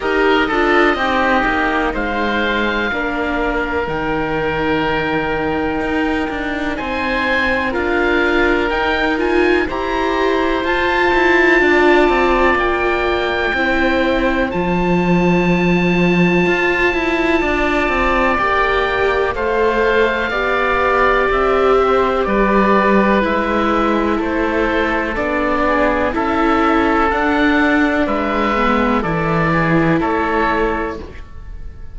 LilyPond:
<<
  \new Staff \with { instrumentName = "oboe" } { \time 4/4 \tempo 4 = 62 dis''2 f''2 | g''2. gis''4 | f''4 g''8 gis''8 ais''4 a''4~ | a''4 g''2 a''4~ |
a''2. g''4 | f''2 e''4 d''4 | e''4 c''4 d''4 e''4 | fis''4 e''4 d''4 cis''4 | }
  \new Staff \with { instrumentName = "oboe" } { \time 4/4 ais'8 a'8 g'4 c''4 ais'4~ | ais'2. c''4 | ais'2 c''2 | d''2 c''2~ |
c''2 d''2 | c''4 d''4. c''8 b'4~ | b'4 a'4. gis'8 a'4~ | a'4 b'4 a'8 gis'8 a'4 | }
  \new Staff \with { instrumentName = "viola" } { \time 4/4 g'8 f'8 dis'2 d'4 | dis'1 | f'4 dis'8 f'8 g'4 f'4~ | f'2 e'4 f'4~ |
f'2. g'4 | a'4 g'2. | e'2 d'4 e'4 | d'4. b8 e'2 | }
  \new Staff \with { instrumentName = "cello" } { \time 4/4 dis'8 d'8 c'8 ais8 gis4 ais4 | dis2 dis'8 d'8 c'4 | d'4 dis'4 e'4 f'8 e'8 | d'8 c'8 ais4 c'4 f4~ |
f4 f'8 e'8 d'8 c'8 ais4 | a4 b4 c'4 g4 | gis4 a4 b4 cis'4 | d'4 gis4 e4 a4 | }
>>